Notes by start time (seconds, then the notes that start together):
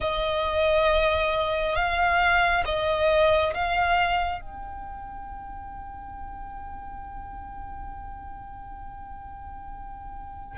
0.00 D#5
1.75 F5
2.65 D#5
3.54 F5
4.40 G5